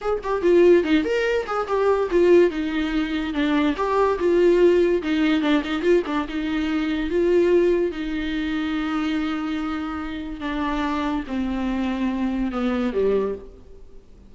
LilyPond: \new Staff \with { instrumentName = "viola" } { \time 4/4 \tempo 4 = 144 gis'8 g'8 f'4 dis'8 ais'4 gis'8 | g'4 f'4 dis'2 | d'4 g'4 f'2 | dis'4 d'8 dis'8 f'8 d'8 dis'4~ |
dis'4 f'2 dis'4~ | dis'1~ | dis'4 d'2 c'4~ | c'2 b4 g4 | }